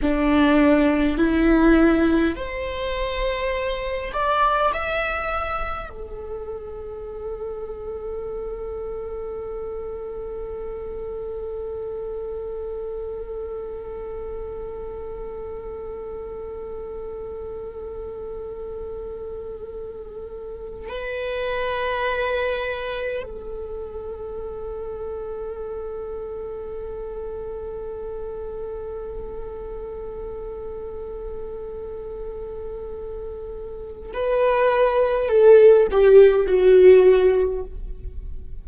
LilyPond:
\new Staff \with { instrumentName = "viola" } { \time 4/4 \tempo 4 = 51 d'4 e'4 c''4. d''8 | e''4 a'2.~ | a'1~ | a'1~ |
a'4.~ a'16 b'2 a'16~ | a'1~ | a'1~ | a'4 b'4 a'8 g'8 fis'4 | }